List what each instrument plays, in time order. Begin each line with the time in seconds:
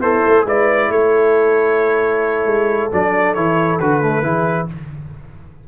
0.00 tuba B3, horn E4, trombone A4, trumpet C5
0.27 tuba A3
0.45 tuba G#3, trombone E4, horn B4, trumpet D5
0.90 tuba A3, horn A4, trumpet C#5
2.46 tuba G#3
2.92 tuba F#3, trombone D4, trumpet D5
3.35 tuba E3, trombone E4, trumpet C#5
3.80 tuba D3, trombone F#4, trumpet B4
4.02 trombone A3
4.23 tuba E3, trombone E4, horn G#4